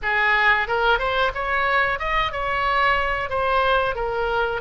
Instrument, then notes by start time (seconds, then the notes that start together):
oboe
0.02 G#4
0.67 A#4
0.98 C5
1.34 C#5
1.99 D#5
2.32 C#5
3.29 C5
3.95 A#4